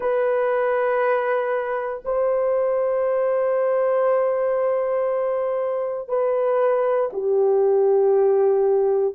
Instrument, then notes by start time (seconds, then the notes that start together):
horn
0.00 B4
2.04 C5
6.08 B4
7.12 G4